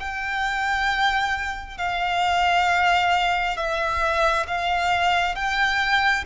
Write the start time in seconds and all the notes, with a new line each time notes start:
0.00 G5
1.78 F5
3.57 E5
4.48 F5
5.36 G5